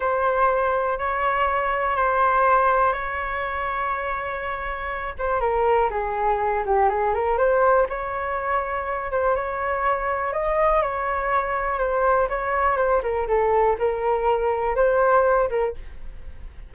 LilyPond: \new Staff \with { instrumentName = "flute" } { \time 4/4 \tempo 4 = 122 c''2 cis''2 | c''2 cis''2~ | cis''2~ cis''8 c''8 ais'4 | gis'4. g'8 gis'8 ais'8 c''4 |
cis''2~ cis''8 c''8 cis''4~ | cis''4 dis''4 cis''2 | c''4 cis''4 c''8 ais'8 a'4 | ais'2 c''4. ais'8 | }